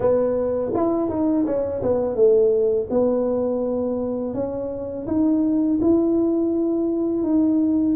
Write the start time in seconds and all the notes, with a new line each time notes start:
0.00 B3
0.74 E4
1.09 D#4
1.46 C#4
1.82 B3
2.15 A3
2.89 B3
4.33 C#4
5.06 D#4
5.81 E4
7.23 D#4